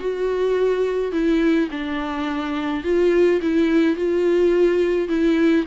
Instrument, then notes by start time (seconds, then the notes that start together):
viola
0.00 F#4
1.12 E4
1.71 D4
2.84 F4
3.42 E4
3.96 F4
5.09 E4